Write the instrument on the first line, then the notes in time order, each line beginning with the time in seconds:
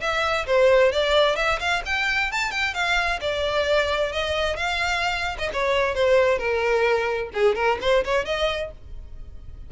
violin
0.00 E5
0.46 C5
0.92 D5
1.36 E5
1.59 F5
1.85 G5
2.32 A5
2.51 G5
2.74 F5
3.20 D5
4.12 D#5
4.56 F5
5.38 D#5
5.53 C#5
5.94 C5
6.38 A#4
7.33 G#4
7.55 A#4
7.81 C5
8.04 C#5
8.25 D#5